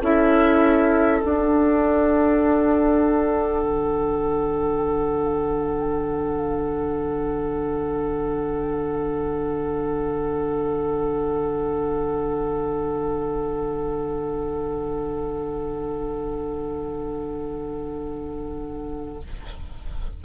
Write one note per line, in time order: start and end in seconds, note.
0.00 1.21 C#4
0.00 1.22 E4
0.00 19.20 A4
0.00 1.22 E5
1.22 19.22 D4
1.22 3.65 D4
1.22 19.21 F#5
3.65 19.25 D3